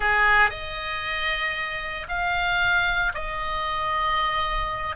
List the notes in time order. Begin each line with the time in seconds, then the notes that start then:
0.00 G#4
0.50 D#5
2.08 F5
3.14 D#5